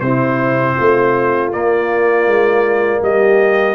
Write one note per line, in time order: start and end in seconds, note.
0.00 0.75 C3
0.00 1.51 C4
0.00 0.75 E4
0.00 1.50 C5
0.75 1.53 A3
0.75 3.00 F4
1.51 3.74 A#3
1.51 2.26 A#3
1.51 3.02 D5
2.26 3.01 G#3
3.01 3.74 G3
3.01 3.74 G4
3.01 3.74 D#5